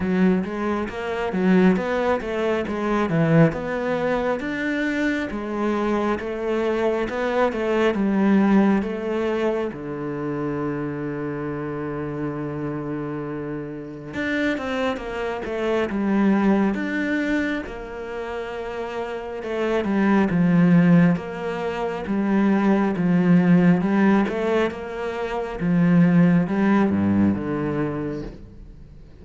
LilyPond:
\new Staff \with { instrumentName = "cello" } { \time 4/4 \tempo 4 = 68 fis8 gis8 ais8 fis8 b8 a8 gis8 e8 | b4 d'4 gis4 a4 | b8 a8 g4 a4 d4~ | d1 |
d'8 c'8 ais8 a8 g4 d'4 | ais2 a8 g8 f4 | ais4 g4 f4 g8 a8 | ais4 f4 g8 g,8 d4 | }